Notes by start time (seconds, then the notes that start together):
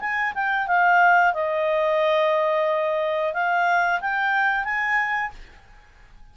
0.00 G#5
0.35 G5
0.67 F5
1.34 D#5
3.33 F5
4.01 G5
4.65 G#5